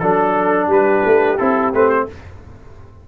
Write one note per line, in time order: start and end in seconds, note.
0.00 0.68 F#3
0.00 1.38 D4
0.00 0.68 A4
0.00 0.70 A4
0.68 1.02 G3
0.68 2.06 G4
0.68 1.38 B4
1.06 1.40 A3
1.38 1.74 C4
1.38 1.74 E4
1.38 1.72 A4
1.74 2.08 A3
1.74 2.09 C4
1.74 1.90 B4
1.90 2.07 C5